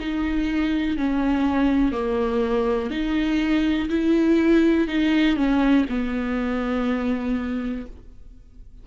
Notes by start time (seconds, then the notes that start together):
0.00 D#4
0.97 C#4
1.92 A#3
2.91 D#4
3.89 E4
4.88 D#4
5.37 C#4
5.90 B3